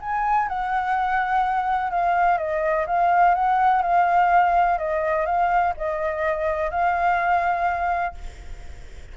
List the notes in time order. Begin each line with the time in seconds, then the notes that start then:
0.00 G#5
0.48 F#5
1.90 F5
2.38 D#5
2.87 F5
3.34 F#5
3.82 F5
4.78 D#5
5.26 F5
5.77 D#5
6.70 F5